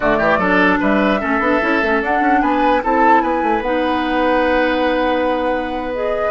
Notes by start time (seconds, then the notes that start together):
0.00 D3 A3 F#4 D5
0.18 E3 G4
0.37 F#3 D4 A4
0.80 G3 B4 E5
1.20 A3 C#4 A4
1.39 B3 D4
1.61 C#4 E4
1.82 A3 C#4
2.01 D4 F#5
2.20 C#4
2.41 B3 B4 G#5
2.83 C4 E4 A4 A5
3.21 B3 B4 G#5
3.43 A3
3.60 B3 D#4 F#5
5.94 G#4 D#5